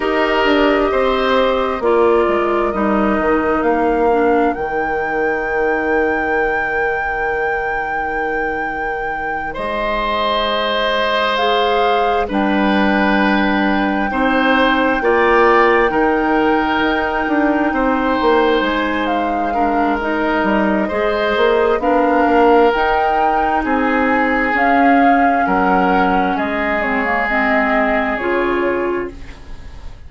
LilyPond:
<<
  \new Staff \with { instrumentName = "flute" } { \time 4/4 \tempo 4 = 66 dis''2 d''4 dis''4 | f''4 g''2.~ | g''2~ g''8 dis''4.~ | dis''8 f''4 g''2~ g''8~ |
g''1~ | g''8 gis''8 f''4 dis''2 | f''4 g''4 gis''4 f''4 | fis''4 dis''8 cis''8 dis''4 cis''4 | }
  \new Staff \with { instrumentName = "oboe" } { \time 4/4 ais'4 c''4 ais'2~ | ais'1~ | ais'2~ ais'8 c''4.~ | c''4. b'2 c''8~ |
c''8 d''4 ais'2 c''8~ | c''4. ais'4. c''4 | ais'2 gis'2 | ais'4 gis'2. | }
  \new Staff \with { instrumentName = "clarinet" } { \time 4/4 g'2 f'4 dis'4~ | dis'8 d'8 dis'2.~ | dis'1~ | dis'8 gis'4 d'2 dis'8~ |
dis'8 f'4 dis'2~ dis'8~ | dis'4. d'8 dis'4 gis'4 | d'4 dis'2 cis'4~ | cis'4. c'16 ais16 c'4 f'4 | }
  \new Staff \with { instrumentName = "bassoon" } { \time 4/4 dis'8 d'8 c'4 ais8 gis8 g8 dis8 | ais4 dis2.~ | dis2~ dis8 gis4.~ | gis4. g2 c'8~ |
c'8 ais4 dis4 dis'8 d'8 c'8 | ais8 gis2 g8 gis8 ais8 | b8 ais8 dis'4 c'4 cis'4 | fis4 gis2 cis4 | }
>>